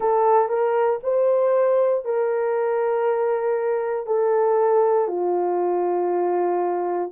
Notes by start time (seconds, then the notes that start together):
0.00 A4
0.48 A#4
1.03 C5
2.04 A#4
4.06 A4
5.07 F4